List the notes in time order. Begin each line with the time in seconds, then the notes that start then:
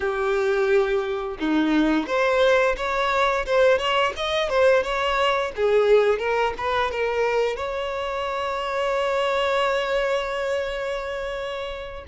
0.00 G4
1.39 D#4
2.06 C5
2.76 C#5
3.45 C5
3.78 C#5
4.16 D#5
4.49 C5
4.83 C#5
5.56 G#4
6.18 A#4
6.57 B4
6.91 A#4
7.56 C#5